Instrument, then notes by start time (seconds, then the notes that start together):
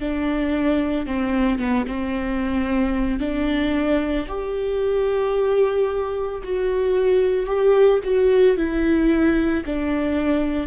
viola
0.00 D4
1.07 C4
1.59 B3
1.87 C4
3.19 D4
4.28 G4
6.44 F#4
7.47 G4
8.04 F#4
8.57 E4
9.66 D4